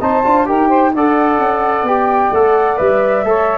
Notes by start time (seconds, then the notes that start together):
0.00 C4 D#4 C5 A5
0.24 D4 F4
0.45 D#4 G4 A#4 G5
0.68 C5
0.94 D4 A4 D5 F#5
1.38 C#4
1.82 B3 G4 G5
2.31 A3 A4 F#5
2.76 G3 B4 E5
3.23 A3 A4 C#5